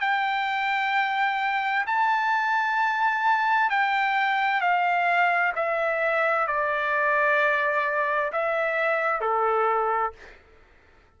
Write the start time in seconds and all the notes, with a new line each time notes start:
0.00 G5
1.86 A5
3.70 G5
4.60 F5
5.55 E5
6.47 D5
8.32 E5
9.20 A4